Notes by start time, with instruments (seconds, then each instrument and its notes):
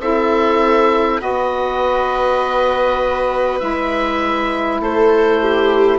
0.00 bassoon C4, saxophone E4, viola A4, oboe E5
1.19 bassoon B3, saxophone F#4, viola B4, oboe D#5
3.60 bassoon G#3, saxophone E4, oboe E5
4.80 bassoon A3, viola A4, oboe C5
5.42 viola G4